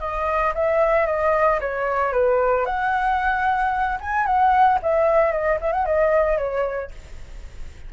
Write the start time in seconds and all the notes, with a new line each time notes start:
0.00 D#5
0.55 E5
1.06 D#5
1.60 C#5
2.13 B4
2.66 F#5
4.01 G#5
4.26 F#5
4.82 E5
5.32 D#5
5.61 E5
5.72 F#5
5.86 D#5
6.38 C#5